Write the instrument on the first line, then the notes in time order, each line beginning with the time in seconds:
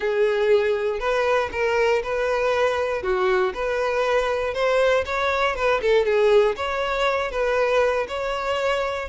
violin
0.00 G#4
0.99 B4
1.51 A#4
2.03 B4
3.03 F#4
3.54 B4
4.54 C5
5.05 C#5
5.55 B4
5.81 A4
6.05 G#4
6.56 C#5
7.31 B4
8.08 C#5